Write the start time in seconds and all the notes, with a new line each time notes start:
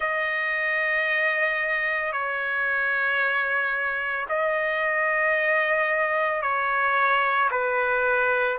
0.00 D#5
2.12 C#5
4.29 D#5
6.41 C#5
7.50 B4